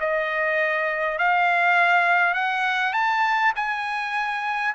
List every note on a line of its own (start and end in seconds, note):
0.00 1.19 D#5
1.19 2.34 F5
2.34 2.94 F#5
2.94 3.53 A5
3.56 4.75 G#5